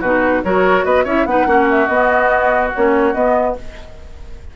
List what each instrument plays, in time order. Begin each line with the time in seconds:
0.00 bassoon B2, clarinet D#4, oboe F#4, flute B4
0.44 bassoon F#3, clarinet F#4, oboe A#4, flute C#5
0.84 bassoon B3, oboe B4, flute D#5
1.04 bassoon C#4, clarinet E4, oboe C#5, flute E5
1.26 bassoon B3, clarinet D#4, oboe B4, flute F#5
1.46 bassoon A#3, clarinet C#4, oboe F#4
1.70 flute E5
1.87 bassoon B3, clarinet B3, flute D#5
2.75 bassoon A#3, clarinet C#4, flute C#5
3.14 bassoon B3, clarinet B3, flute D#5